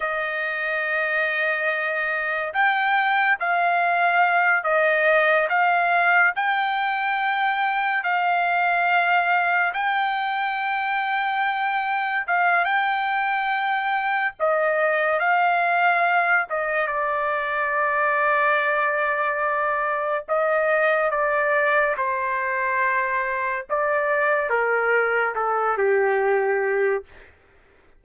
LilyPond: \new Staff \with { instrumentName = "trumpet" } { \time 4/4 \tempo 4 = 71 dis''2. g''4 | f''4. dis''4 f''4 g''8~ | g''4. f''2 g''8~ | g''2~ g''8 f''8 g''4~ |
g''4 dis''4 f''4. dis''8 | d''1 | dis''4 d''4 c''2 | d''4 ais'4 a'8 g'4. | }